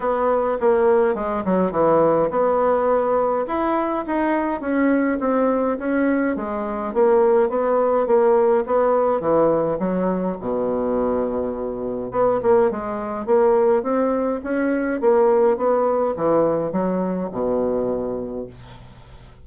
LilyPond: \new Staff \with { instrumentName = "bassoon" } { \time 4/4 \tempo 4 = 104 b4 ais4 gis8 fis8 e4 | b2 e'4 dis'4 | cis'4 c'4 cis'4 gis4 | ais4 b4 ais4 b4 |
e4 fis4 b,2~ | b,4 b8 ais8 gis4 ais4 | c'4 cis'4 ais4 b4 | e4 fis4 b,2 | }